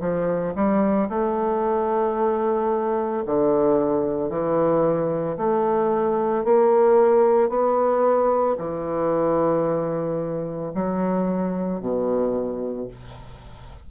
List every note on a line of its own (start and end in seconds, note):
0.00 0.54 F3
0.55 1.08 G3
1.09 3.23 A3
3.25 4.30 D3
4.30 5.37 E3
5.37 6.44 A3
6.44 7.49 A#3
7.49 8.56 B3
8.58 10.72 E3
10.74 11.80 F#3
11.80 12.87 B2